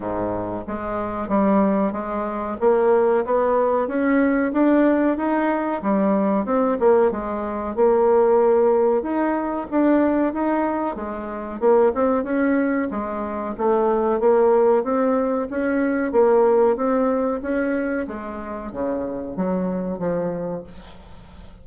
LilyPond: \new Staff \with { instrumentName = "bassoon" } { \time 4/4 \tempo 4 = 93 gis,4 gis4 g4 gis4 | ais4 b4 cis'4 d'4 | dis'4 g4 c'8 ais8 gis4 | ais2 dis'4 d'4 |
dis'4 gis4 ais8 c'8 cis'4 | gis4 a4 ais4 c'4 | cis'4 ais4 c'4 cis'4 | gis4 cis4 fis4 f4 | }